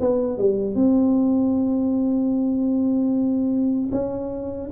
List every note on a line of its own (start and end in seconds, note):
0.00 0.38 B3
0.38 0.75 G3
0.75 3.90 C4
3.92 4.71 C#4